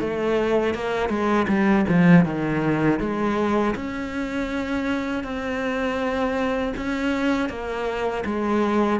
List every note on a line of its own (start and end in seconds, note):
0.00 0.74 A3
0.74 1.09 A#3
1.09 1.47 G#3
1.48 1.85 G3
1.89 2.25 F3
2.25 3.00 D#3
3.00 3.75 G#3
3.75 5.24 C#4
5.24 6.74 C4
6.77 7.49 C#4
7.49 8.24 A#3
8.25 9.00 G#3